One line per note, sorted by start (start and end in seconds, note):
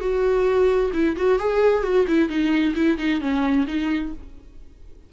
0.00 0.91 F#4
0.93 1.16 E4
1.16 1.39 F#4
1.39 1.83 G#4
1.83 2.06 F#4
2.07 2.29 E4
2.29 2.74 D#4
2.75 2.98 E4
2.98 3.20 D#4
3.20 3.66 C#4
3.67 4.12 D#4